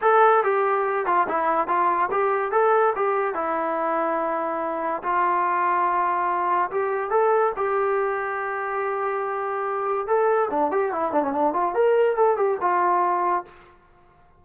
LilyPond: \new Staff \with { instrumentName = "trombone" } { \time 4/4 \tempo 4 = 143 a'4 g'4. f'8 e'4 | f'4 g'4 a'4 g'4 | e'1 | f'1 |
g'4 a'4 g'2~ | g'1 | a'4 d'8 g'8 e'8 d'16 cis'16 d'8 f'8 | ais'4 a'8 g'8 f'2 | }